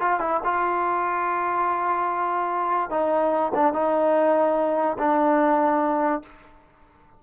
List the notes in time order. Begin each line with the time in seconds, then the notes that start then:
0.00 F4
0.20 E4
0.44 F4
2.90 D#4
3.54 D4
3.73 D#4
4.98 D4